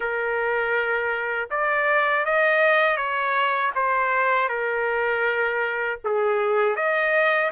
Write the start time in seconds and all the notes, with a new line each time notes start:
0.00 A#4
1.50 D5
2.25 D#5
2.96 C#5
3.75 C5
4.48 A#4
6.04 G#4
6.75 D#5